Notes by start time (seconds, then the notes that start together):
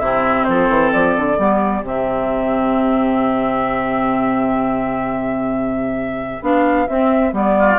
0.00 C3 C4 E4 E5
0.45 F3 A4 C5
0.70 E3
0.93 F3 D5
1.17 D3
1.38 G3 B3 G4
1.83 C3 C4 E5
6.42 B3 D4 F5
6.88 C4 E5
7.32 G3 B3 D5
7.59 F4